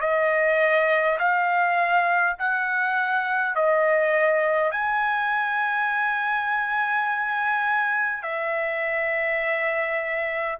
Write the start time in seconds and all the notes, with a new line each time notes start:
0.00 D#5
1.19 F5
2.38 F#5
3.55 D#5
4.71 G#5
8.22 E5